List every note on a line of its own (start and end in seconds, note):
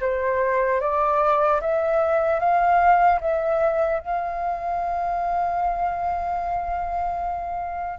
0.00 0.80 C5
0.80 1.60 D5
1.60 2.39 E5
2.39 3.19 F5
3.20 3.99 E5
3.99 7.99 F5